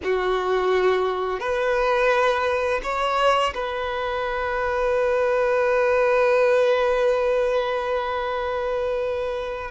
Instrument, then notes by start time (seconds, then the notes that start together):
violin
0.03 F#4
1.39 B4
2.83 C#5
3.54 B4